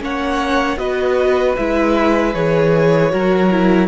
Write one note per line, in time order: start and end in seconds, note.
0.00 0.77 A#3
0.00 0.78 C#4
0.00 0.78 C#5
0.00 0.78 F#5
0.77 1.55 B3
0.77 1.56 F#4
0.77 3.12 B4
0.77 1.56 D#5
1.56 2.34 G#3
1.56 2.34 E4
1.56 2.34 E5
2.34 3.12 E3
2.34 3.11 G#4
2.34 3.88 C#5
3.11 3.88 F#3
3.11 3.50 F#4
3.11 3.88 A#4
3.51 3.88 E4